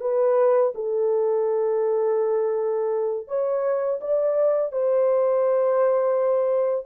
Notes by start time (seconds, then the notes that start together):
0.00 B4
0.75 A4
3.27 C#5
4.00 D5
4.72 C5